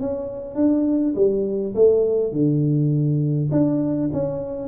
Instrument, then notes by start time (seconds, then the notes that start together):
tuba
0.00 C#4
0.55 D4
1.15 G3
1.75 A3
2.32 D3
3.51 D4
4.13 C#4